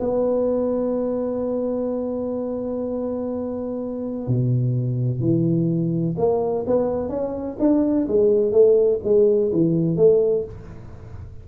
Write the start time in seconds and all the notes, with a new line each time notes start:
0.00 B3
4.28 B2
5.21 E3
6.18 A#3
6.67 B3
7.10 C#4
7.60 D4
8.08 G#3
8.52 A3
9.04 G#3
9.52 E3
9.97 A3